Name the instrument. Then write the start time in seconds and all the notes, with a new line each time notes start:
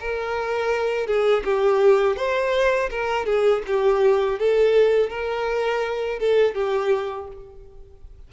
violin
0.00 A#4
1.06 G#4
1.44 G4
2.16 C5
2.90 A#4
3.26 G#4
3.67 G4
4.39 A4
5.09 A#4
6.19 A4
6.55 G4